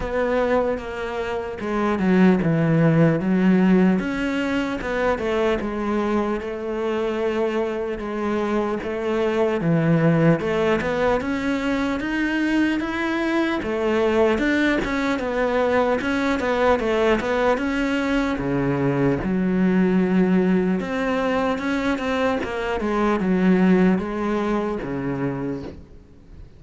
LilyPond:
\new Staff \with { instrumentName = "cello" } { \time 4/4 \tempo 4 = 75 b4 ais4 gis8 fis8 e4 | fis4 cis'4 b8 a8 gis4 | a2 gis4 a4 | e4 a8 b8 cis'4 dis'4 |
e'4 a4 d'8 cis'8 b4 | cis'8 b8 a8 b8 cis'4 cis4 | fis2 c'4 cis'8 c'8 | ais8 gis8 fis4 gis4 cis4 | }